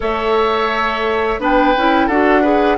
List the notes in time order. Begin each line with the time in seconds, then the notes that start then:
0.00 A3 A4 C#5 E5
1.39 B3 D4 B4 G5
1.77 C#4 E4
2.07 D4 F#4 A4 F#5
2.41 G#4 B4